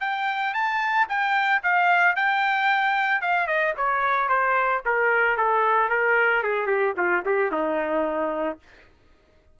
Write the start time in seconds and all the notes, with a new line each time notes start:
0.00 G5
0.53 A5
1.08 G5
1.63 F5
2.15 G5
3.21 F5
3.47 D#5
3.77 C#5
4.29 C5
4.85 A#4
5.37 A4
5.89 A#4
6.43 G#4
6.66 G4
6.97 F4
7.25 G4
7.51 D#4